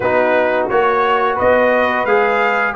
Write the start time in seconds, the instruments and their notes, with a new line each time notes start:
0.00 tuba B3, trombone D#4, horn F#4, trumpet B4
0.69 tuba A#3, trombone F#4, trumpet C#5
1.34 horn B4, trumpet D#5
1.40 tuba B3
2.05 tuba G#3, trombone G#4, trumpet F5